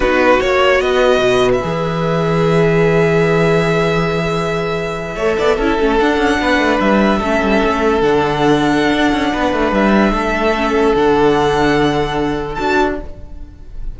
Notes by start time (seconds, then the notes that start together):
0.00 B3 D#4 F#4 B4
0.40 A#3 F#4 C#5
0.80 B3 B4 D#5
1.18 B2
1.52 E5
1.62 E3 G#4
5.15 A3 A4 C#5
5.38 B3 D5
5.56 C#4 E4 A4
5.79 A3 C#4
5.98 D4 F#5
6.17 C#4
6.39 B3 B4
6.58 A3
6.80 G3 E5
7.18 A3 C#4 A4
7.42 G3
7.63 A3
8.01 D3 D4 F#5
8.93 D4
9.12 C#4
9.32 B3 B4
9.52 A3
9.71 G3 E5
10.12 A3 A4
10.55 C#4
10.95 D3 D4 F#5
12.54 D4 F#4 A5